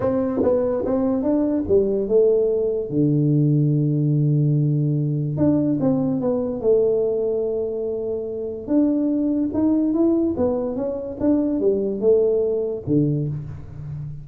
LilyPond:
\new Staff \with { instrumentName = "tuba" } { \time 4/4 \tempo 4 = 145 c'4 b4 c'4 d'4 | g4 a2 d4~ | d1~ | d4 d'4 c'4 b4 |
a1~ | a4 d'2 dis'4 | e'4 b4 cis'4 d'4 | g4 a2 d4 | }